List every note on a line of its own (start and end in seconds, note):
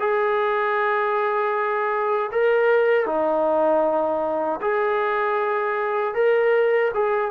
0.00 2.31 G#4
2.32 3.07 A#4
3.07 4.60 D#4
4.62 6.15 G#4
6.15 6.92 A#4
6.94 7.31 G#4